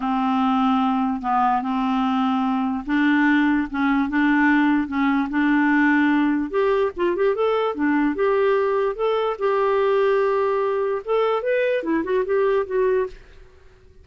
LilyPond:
\new Staff \with { instrumentName = "clarinet" } { \time 4/4 \tempo 4 = 147 c'2. b4 | c'2. d'4~ | d'4 cis'4 d'2 | cis'4 d'2. |
g'4 f'8 g'8 a'4 d'4 | g'2 a'4 g'4~ | g'2. a'4 | b'4 e'8 fis'8 g'4 fis'4 | }